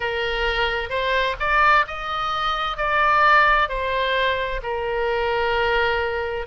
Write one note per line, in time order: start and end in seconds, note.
0.00 0.89 A#4
0.89 1.36 C5
1.39 1.85 D5
1.87 2.77 D#5
2.77 3.68 D5
3.68 4.61 C5
4.62 6.46 A#4